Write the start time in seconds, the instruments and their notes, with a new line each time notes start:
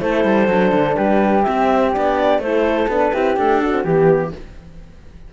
0.00 cello A3, horn E4, flute A4, clarinet C5
0.24 cello G3
0.48 cello F#3, horn D4
0.71 cello D3
0.95 cello G3, flute G4, clarinet B4
1.42 horn C4, cello C4, clarinet E5
1.93 cello B3, horn D4, clarinet D5
2.39 cello A3, horn E4, flute A4, clarinet C5
2.88 cello B3, horn D4, clarinet B4
3.13 cello C4, horn E4, flute G4
3.36 horn A3, cello D4, clarinet A4
3.60 horn D4, flute F#4
3.72 horn C4
3.84 cello E3, horn B3, clarinet G4, flute G4